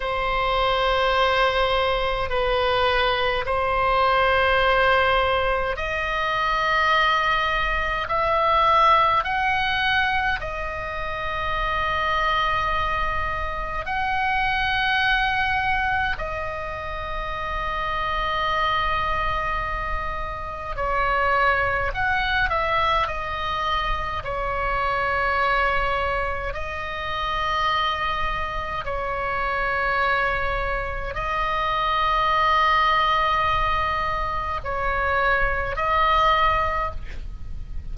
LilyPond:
\new Staff \with { instrumentName = "oboe" } { \time 4/4 \tempo 4 = 52 c''2 b'4 c''4~ | c''4 dis''2 e''4 | fis''4 dis''2. | fis''2 dis''2~ |
dis''2 cis''4 fis''8 e''8 | dis''4 cis''2 dis''4~ | dis''4 cis''2 dis''4~ | dis''2 cis''4 dis''4 | }